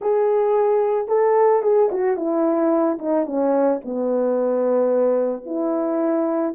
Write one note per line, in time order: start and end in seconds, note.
0.01 1.08 G#4
1.08 1.62 A4
1.62 1.89 G#4
1.91 2.16 F#4
2.16 2.98 E4
2.98 3.26 D#4
3.26 3.80 C#4
3.85 5.45 B3
5.45 6.54 E4